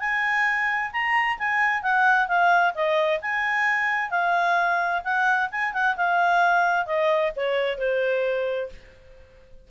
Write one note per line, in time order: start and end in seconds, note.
0.00 0.92 G#5
0.93 1.38 A#5
1.39 1.82 G#5
1.82 2.28 F#5
2.28 2.74 F5
2.75 3.20 D#5
3.22 4.11 G#5
4.11 5.02 F5
5.04 5.50 F#5
5.51 5.74 G#5
5.74 5.96 F#5
5.96 6.86 F5
6.86 7.32 D#5
7.36 7.78 C#5
7.78 8.70 C5